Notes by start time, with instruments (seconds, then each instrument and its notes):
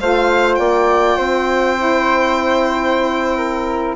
0.00 bassoon A3, saxophone F4, flute C5, violin F5
0.55 bassoon A#3, flute D5, violin G5
1.16 bassoon C4, flute C5
1.76 saxophone E4
3.37 flute A#4